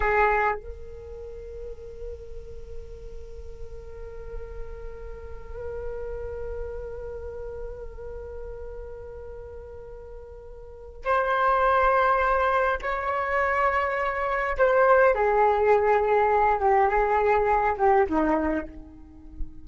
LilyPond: \new Staff \with { instrumentName = "flute" } { \time 4/4 \tempo 4 = 103 gis'4 ais'2.~ | ais'1~ | ais'1~ | ais'1~ |
ais'2. c''4~ | c''2 cis''2~ | cis''4 c''4 gis'2~ | gis'8 g'8 gis'4. g'8 dis'4 | }